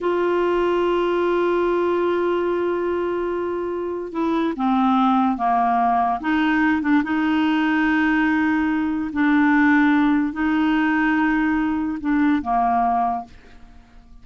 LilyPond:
\new Staff \with { instrumentName = "clarinet" } { \time 4/4 \tempo 4 = 145 f'1~ | f'1~ | f'2 e'4 c'4~ | c'4 ais2 dis'4~ |
dis'8 d'8 dis'2.~ | dis'2 d'2~ | d'4 dis'2.~ | dis'4 d'4 ais2 | }